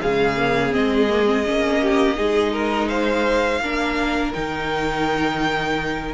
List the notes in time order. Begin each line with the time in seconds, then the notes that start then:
0.00 C#3 G#3 G#4 F5
0.37 A#3
0.71 G#3 C4 D#5
1.09 A#3
1.25 C4
1.45 A#3 C#4
1.81 G4
2.16 G#3 D#4 G#4
2.52 A#4
2.88 C5 F5
3.59 A#3 D4 A#4
4.33 D#3 D#4 G5